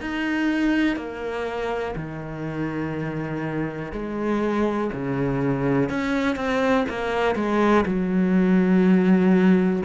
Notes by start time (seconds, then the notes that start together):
0.00 D#4
0.96 A#3
1.95 D#3
3.92 G#3
4.93 C#3
5.89 C#4
6.35 C4
6.89 A#3
7.35 G#3
7.86 F#3